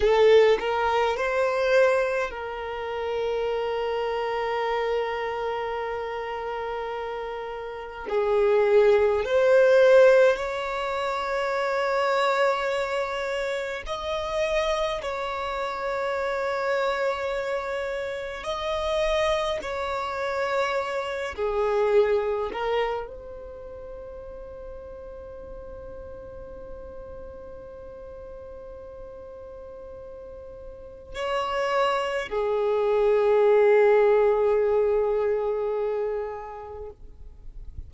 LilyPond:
\new Staff \with { instrumentName = "violin" } { \time 4/4 \tempo 4 = 52 a'8 ais'8 c''4 ais'2~ | ais'2. gis'4 | c''4 cis''2. | dis''4 cis''2. |
dis''4 cis''4. gis'4 ais'8 | c''1~ | c''2. cis''4 | gis'1 | }